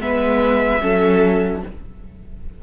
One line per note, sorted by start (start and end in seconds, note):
0.00 0.81 G#3
0.00 0.80 B3
0.00 0.82 B4
0.00 1.63 E5
0.80 1.63 F#3
0.80 1.61 C#4
0.80 1.63 A4